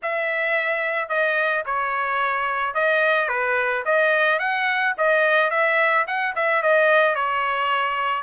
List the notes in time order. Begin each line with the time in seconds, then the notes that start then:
0.02 E5
1.09 D#5
1.65 C#5
2.74 D#5
3.28 B4
3.85 D#5
4.39 F#5
4.97 D#5
5.50 E5
6.07 F#5
6.35 E5
6.62 D#5
7.15 C#5